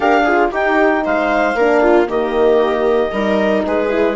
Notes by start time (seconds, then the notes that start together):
0.00 D4 G4 A#4 F5
0.23 F4 G#4
0.51 D#4 G4 G5
1.04 G#3 C5 F5
1.54 A#3 D4 A#4
1.82 F4
2.06 D#3 A#3 G4 D#5
3.11 G3 D#4 A#4
3.66 G#3 G#4 B4
3.88 E4